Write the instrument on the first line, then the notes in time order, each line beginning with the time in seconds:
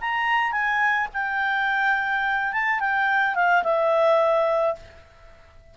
clarinet
0.00 A#5
0.51 G#5
1.13 G5
2.52 A5
2.80 G5
3.34 F5
3.63 E5